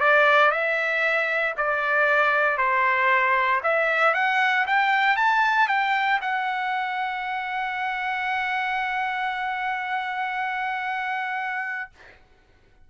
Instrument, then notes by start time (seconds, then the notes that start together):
trumpet
0.00 D5
0.51 E5
1.57 D5
2.58 C5
3.63 E5
4.14 F#5
4.67 G5
5.17 A5
5.68 G5
6.21 F#5